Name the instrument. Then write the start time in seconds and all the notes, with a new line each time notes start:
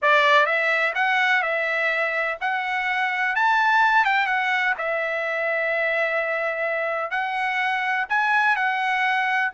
trumpet
0.02 D5
0.45 E5
0.94 F#5
1.42 E5
2.40 F#5
3.35 A5
4.05 G5
4.26 F#5
4.77 E5
7.10 F#5
8.09 G#5
8.56 F#5